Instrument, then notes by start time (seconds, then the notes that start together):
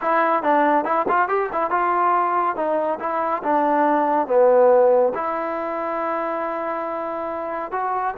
trombone
0.01 E4
0.42 D4
0.84 E4
1.08 F4
1.28 G4
1.52 E4
1.70 F4
2.56 D#4
2.99 E4
3.43 D4
4.27 B3
5.14 E4
7.71 F#4